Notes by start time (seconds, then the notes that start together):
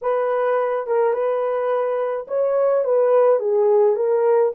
0.01 B4
0.86 A#4
1.13 B4
2.27 C#5
2.84 B4
3.39 G#4
3.95 A#4